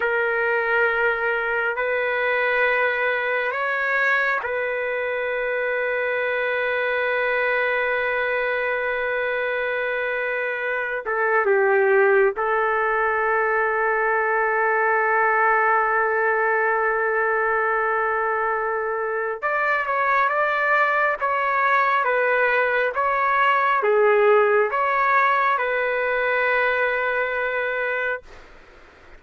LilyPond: \new Staff \with { instrumentName = "trumpet" } { \time 4/4 \tempo 4 = 68 ais'2 b'2 | cis''4 b'2.~ | b'1~ | b'8 a'8 g'4 a'2~ |
a'1~ | a'2 d''8 cis''8 d''4 | cis''4 b'4 cis''4 gis'4 | cis''4 b'2. | }